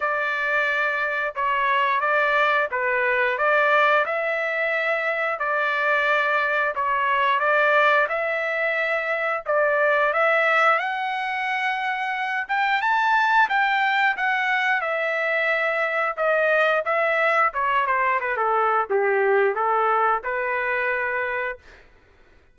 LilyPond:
\new Staff \with { instrumentName = "trumpet" } { \time 4/4 \tempo 4 = 89 d''2 cis''4 d''4 | b'4 d''4 e''2 | d''2 cis''4 d''4 | e''2 d''4 e''4 |
fis''2~ fis''8 g''8 a''4 | g''4 fis''4 e''2 | dis''4 e''4 cis''8 c''8 b'16 a'8. | g'4 a'4 b'2 | }